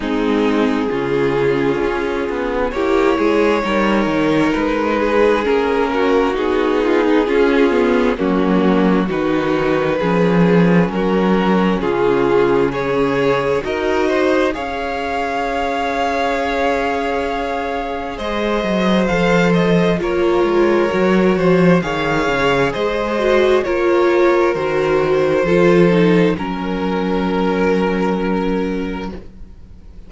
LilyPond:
<<
  \new Staff \with { instrumentName = "violin" } { \time 4/4 \tempo 4 = 66 gis'2. cis''4~ | cis''4 b'4 ais'4 gis'4~ | gis'4 fis'4 b'2 | ais'4 gis'4 cis''4 dis''4 |
f''1 | dis''4 f''8 dis''8 cis''2 | f''4 dis''4 cis''4 c''4~ | c''4 ais'2. | }
  \new Staff \with { instrumentName = "violin" } { \time 4/4 dis'4 f'2 g'8 gis'8 | ais'4. gis'4 fis'4 f'16 dis'16 | f'4 cis'4 fis'4 gis'4 | fis'4 f'4 gis'4 ais'8 c''8 |
cis''1 | c''2 ais'4. c''8 | cis''4 c''4 ais'2 | a'4 ais'2. | }
  \new Staff \with { instrumentName = "viola" } { \time 4/4 c'4 cis'2 e'4 | dis'2 cis'4 dis'4 | cis'8 b8 ais4 dis'4 cis'4~ | cis'2. fis'4 |
gis'1~ | gis'4 a'4 f'4 fis'4 | gis'4. fis'8 f'4 fis'4 | f'8 dis'8 cis'2. | }
  \new Staff \with { instrumentName = "cello" } { \time 4/4 gis4 cis4 cis'8 b8 ais8 gis8 | g8 dis8 gis4 ais4 b4 | cis'4 fis4 dis4 f4 | fis4 cis2 dis'4 |
cis'1 | gis8 fis8 f4 ais8 gis8 fis8 f8 | dis8 cis8 gis4 ais4 dis4 | f4 fis2. | }
>>